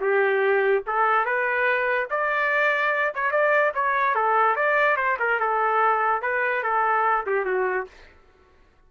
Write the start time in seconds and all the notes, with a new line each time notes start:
0.00 G4
0.86 A4
1.25 B4
2.10 D5
3.14 C#5
3.31 D5
3.74 C#5
4.15 A4
4.55 D5
4.96 C5
5.19 A#4
5.39 A4
6.21 B4
6.63 A4
7.26 G4
7.45 F#4